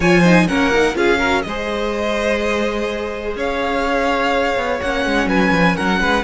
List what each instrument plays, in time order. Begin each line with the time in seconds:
0.00 cello F3, viola F4, violin C#5 G#5
0.20 viola D#4, violin C5
0.47 cello A#3, viola C#4, violin A#4 F#5
0.73 viola D#4
0.94 cello C#4, viola F4, violin G#4 F5
1.18 viola F#4, violin A#4
1.42 cello G#3, violin C5 D#5
1.48 viola G#4
3.35 cello C#4, violin C#5 F5
4.56 cello B3
4.80 cello A#3, viola C#4, violin F#5
5.05 cello G#3
5.26 cello F#3, violin B4 G#5
5.50 cello F3
5.76 cello F#3, violin A#4 F#5
6.00 cello G#3, violin B4